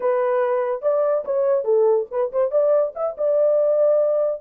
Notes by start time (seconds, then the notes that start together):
0.00 B4
0.82 D5
1.24 C#5
1.64 A4
2.10 B4
2.32 C5
2.51 D5
2.95 E5
3.17 D5